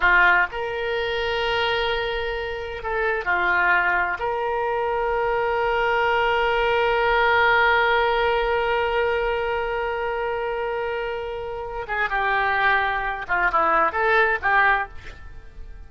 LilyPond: \new Staff \with { instrumentName = "oboe" } { \time 4/4 \tempo 4 = 129 f'4 ais'2.~ | ais'2 a'4 f'4~ | f'4 ais'2.~ | ais'1~ |
ais'1~ | ais'1~ | ais'4. gis'8 g'2~ | g'8 f'8 e'4 a'4 g'4 | }